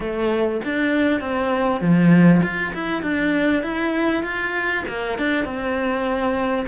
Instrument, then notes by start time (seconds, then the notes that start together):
cello
0.00 A3
0.64 D4
1.20 C4
1.80 F3
2.42 F4
2.74 E4
3.02 D4
3.63 E4
4.23 F4
4.88 A#3
5.18 D4
5.44 C4